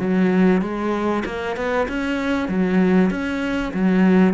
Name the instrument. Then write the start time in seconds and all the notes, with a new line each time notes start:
cello
0.00 F#3
0.62 G#3
1.26 A#3
1.57 B3
1.89 C#4
2.49 F#3
3.11 C#4
3.74 F#3